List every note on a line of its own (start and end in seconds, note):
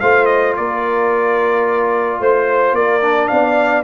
0.00 0.57 A3
0.00 3.01 F4
0.00 0.56 C5
0.00 0.25 F5
0.25 0.53 D#5
0.56 2.19 A#3
0.56 2.20 A#4
0.56 2.21 D5
2.19 2.72 A3
2.19 2.75 C5
2.72 3.27 A#3
2.72 3.30 A#4
2.72 3.27 D5
3.01 3.83 D4
3.27 3.83 B3
3.27 3.83 D5
3.27 3.82 F5